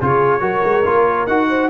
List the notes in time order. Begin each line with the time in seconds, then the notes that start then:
0.00 C#3 F4 G#4 C#5
0.40 F#3 F#4 A#4
0.64 G#3
0.86 A#3 F4
1.27 D#4 F#4 F#5
1.49 C5